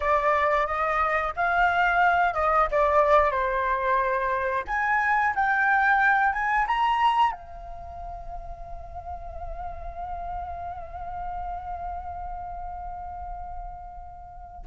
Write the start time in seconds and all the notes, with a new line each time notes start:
0.00 D5
0.66 D#5
1.35 F5
2.34 D#5
2.71 D5
3.31 C5
4.67 G#5
5.35 G5
6.32 G#5
6.67 A#5
7.32 F5